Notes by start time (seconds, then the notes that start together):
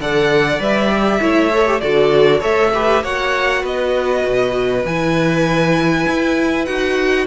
0.00 D3 A4 D5 F#5
0.59 G3 B4 E5
0.91 G4
1.21 A3 E4 C#5
1.54 A4
1.66 G4
1.80 D3 F#4 A4 D5
2.40 A3 A4 C#5 E5
2.74 G4 B4
3.03 A#3 F#4 C#5 F#5
3.62 B3 B4 D#5
4.25 B2
4.84 E3 E4 G#5
6.08 E4
6.66 D#4 F#4 F#5